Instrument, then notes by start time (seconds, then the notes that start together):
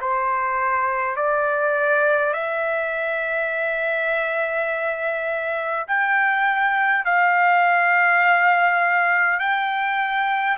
trumpet
0.00 C5
1.16 D5
2.33 E5
5.87 G5
7.04 F5
9.39 G5